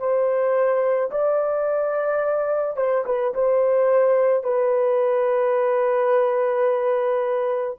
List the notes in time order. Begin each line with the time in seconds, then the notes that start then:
0.00 C5
1.12 D5
2.77 C5
3.06 B4
3.34 C5
4.44 B4